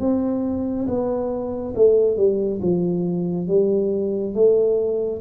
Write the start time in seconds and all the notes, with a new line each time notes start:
0.00 C4
0.88 B3
1.76 A3
2.17 G3
2.62 F3
3.48 G3
4.35 A3